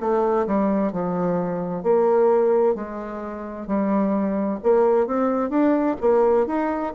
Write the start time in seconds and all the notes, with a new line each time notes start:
0.00 A3
0.47 G3
0.92 F3
1.83 A#3
2.75 G#3
3.67 G3
4.63 A#3
5.06 C4
5.50 D4
6.00 A#3
6.47 D#4